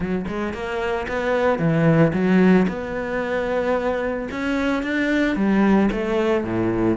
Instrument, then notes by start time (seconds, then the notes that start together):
cello
0.00 F#3
0.27 G#3
0.53 A#3
1.08 B3
1.59 E3
2.13 F#3
2.67 B3
4.31 C#4
4.82 D4
5.36 G3
5.91 A3
6.44 A2